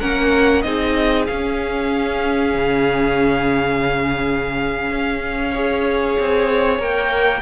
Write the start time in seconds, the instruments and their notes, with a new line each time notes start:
0.00 cello A#3, viola C#4, violin A#4 F#5
0.62 cello C4, viola D#4, violin G#4 D#5
1.27 viola C#4, cello C#4, violin F5
2.55 cello C#3
4.91 cello C#4
5.51 viola G#4, violin C#5
6.20 cello C4
6.79 cello A#3, viola A#4, violin G5